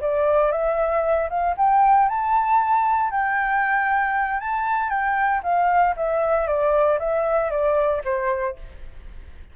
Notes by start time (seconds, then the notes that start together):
0.00 D5
0.51 E5
1.29 F5
1.57 G5
2.08 A5
3.10 G5
4.40 A5
4.89 G5
5.43 F5
5.96 E5
6.47 D5
6.99 E5
7.50 D5
8.04 C5